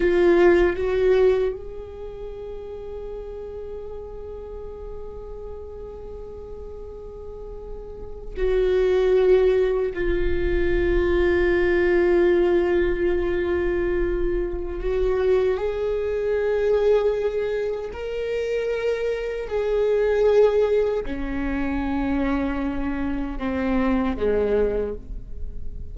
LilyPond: \new Staff \with { instrumentName = "viola" } { \time 4/4 \tempo 4 = 77 f'4 fis'4 gis'2~ | gis'1~ | gis'2~ gis'8. fis'4~ fis'16~ | fis'8. f'2.~ f'16~ |
f'2. fis'4 | gis'2. ais'4~ | ais'4 gis'2 cis'4~ | cis'2 c'4 gis4 | }